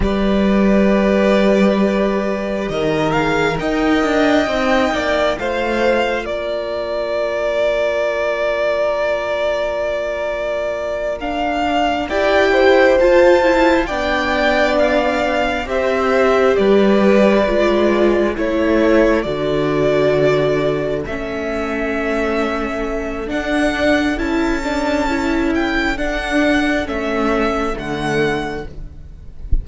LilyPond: <<
  \new Staff \with { instrumentName = "violin" } { \time 4/4 \tempo 4 = 67 d''2. dis''8 f''8 | g''2 f''4 d''4~ | d''1~ | d''8 f''4 g''4 a''4 g''8~ |
g''8 f''4 e''4 d''4.~ | d''8 cis''4 d''2 e''8~ | e''2 fis''4 a''4~ | a''8 g''8 fis''4 e''4 fis''4 | }
  \new Staff \with { instrumentName = "violin" } { \time 4/4 b'2. ais'4 | dis''4. d''8 c''4 ais'4~ | ais'1~ | ais'4. d''8 c''4. d''8~ |
d''4. c''4 b'4.~ | b'8 a'2.~ a'8~ | a'1~ | a'1 | }
  \new Staff \with { instrumentName = "viola" } { \time 4/4 g'2.~ g'8 gis'8 | ais'4 dis'4 f'2~ | f'1~ | f'8 d'4 g'4 f'8 e'8 d'8~ |
d'4. g'2 f'8~ | f'8 e'4 fis'2 cis'8~ | cis'2 d'4 e'8 d'8 | e'4 d'4 cis'4 a4 | }
  \new Staff \with { instrumentName = "cello" } { \time 4/4 g2. dis4 | dis'8 d'8 c'8 ais8 a4 ais4~ | ais1~ | ais4. e'4 f'4 b8~ |
b4. c'4 g4 gis8~ | gis8 a4 d2 a8~ | a2 d'4 cis'4~ | cis'4 d'4 a4 d4 | }
>>